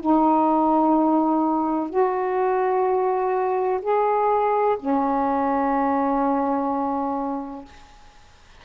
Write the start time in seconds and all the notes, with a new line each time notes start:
0.00 D#4
1.90 F#4
3.81 G#4
4.79 C#4